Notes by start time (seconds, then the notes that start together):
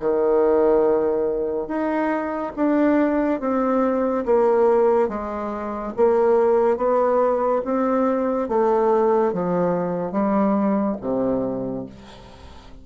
0.00 D#3
1.68 D#4
2.56 D4
3.40 C4
4.25 A#3
5.09 G#3
5.97 A#3
6.77 B3
7.65 C4
8.49 A3
9.33 F3
10.12 G3
11.01 C3